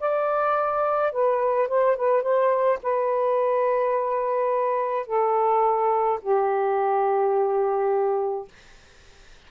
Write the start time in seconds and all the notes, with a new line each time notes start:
0.00 D5
1.12 B4
1.69 C5
1.96 B4
2.23 C5
2.83 B4
5.07 A4
6.22 G4